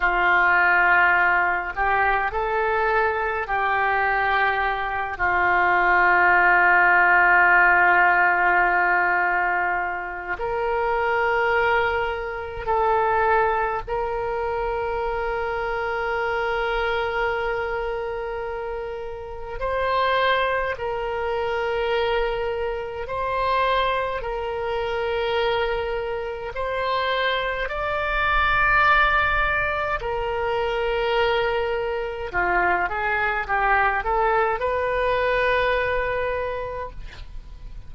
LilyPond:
\new Staff \with { instrumentName = "oboe" } { \time 4/4 \tempo 4 = 52 f'4. g'8 a'4 g'4~ | g'8 f'2.~ f'8~ | f'4 ais'2 a'4 | ais'1~ |
ais'4 c''4 ais'2 | c''4 ais'2 c''4 | d''2 ais'2 | f'8 gis'8 g'8 a'8 b'2 | }